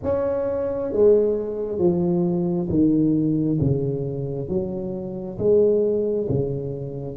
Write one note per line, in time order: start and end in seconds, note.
0.03 0.92 C#4
0.92 1.78 G#3
1.78 2.68 F3
2.69 3.59 D#3
3.60 4.48 C#3
4.48 5.37 F#3
5.38 6.27 G#3
6.28 7.16 C#3